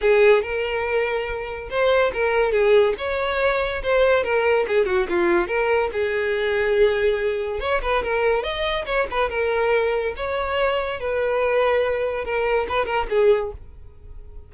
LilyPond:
\new Staff \with { instrumentName = "violin" } { \time 4/4 \tempo 4 = 142 gis'4 ais'2. | c''4 ais'4 gis'4 cis''4~ | cis''4 c''4 ais'4 gis'8 fis'8 | f'4 ais'4 gis'2~ |
gis'2 cis''8 b'8 ais'4 | dis''4 cis''8 b'8 ais'2 | cis''2 b'2~ | b'4 ais'4 b'8 ais'8 gis'4 | }